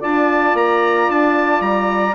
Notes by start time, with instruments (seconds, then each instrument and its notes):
0.00 bassoon D4, horn F4, saxophone D5, trumpet A5
0.55 bassoon A#3, trumpet A#5
1.10 bassoon D4, trumpet A5
1.61 bassoon G3, trumpet A#5